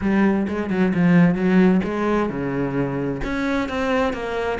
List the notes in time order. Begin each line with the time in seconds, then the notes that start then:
0.01 G3
0.47 G#3
0.70 F#3
0.94 F3
1.34 F#3
1.84 G#3
2.29 C#3
3.24 C#4
3.68 C4
4.13 A#3